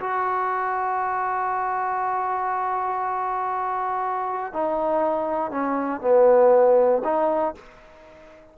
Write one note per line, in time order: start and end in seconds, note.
0.00 4.53 F#4
4.53 5.51 D#4
5.51 6.01 C#4
6.01 7.02 B3
7.05 7.55 D#4